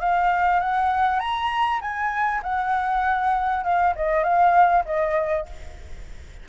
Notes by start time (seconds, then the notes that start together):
0.00 F5
0.60 F#5
1.20 A#5
1.81 G#5
2.43 F#5
3.64 F5
3.96 D#5
4.24 F5
4.85 D#5